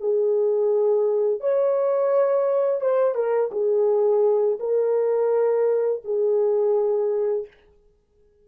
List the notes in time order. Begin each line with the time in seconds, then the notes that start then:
0.00 G#4
1.41 C#5
2.81 C5
3.15 A#4
3.52 G#4
4.60 A#4
6.05 G#4